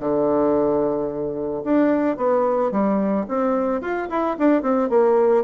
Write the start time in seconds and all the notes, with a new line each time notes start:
0.00 D3
1.64 D4
2.17 B3
2.71 G3
3.29 C4
3.82 F4
4.09 E4
4.39 D4
4.62 C4
4.89 A#3